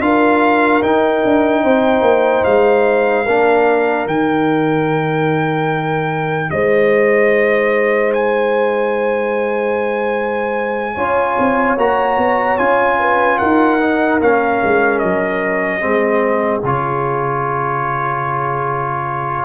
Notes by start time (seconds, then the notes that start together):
0.00 D4 F4 A#4 F5
0.82 D#4 G5
1.24 D4
1.63 C4 C5
2.01 A#3
2.44 G#3 F5
3.25 A#3 D4 A#4
4.06 D#3 D#4 G5
6.50 G#3 C5 D#5
8.13 G#5
10.94 C#4 F4 C#5
11.38 C4
11.77 A#3 F#4 A#5
12.17 B3
12.57 C#4 F4 G#5
12.99 B4
13.38 D#4 A#4 F#5
13.80 D#4
14.21 A#3 C#4 F5
14.63 G#3
14.98 F#3 D#5
15.80 G#3 C4 G#4
16.63 C#3 F4 C#5